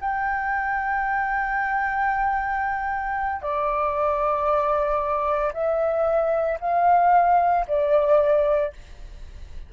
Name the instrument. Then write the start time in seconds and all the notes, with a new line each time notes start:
flute
0.00 G5
3.42 D5
5.53 E5
6.60 F5
7.67 D5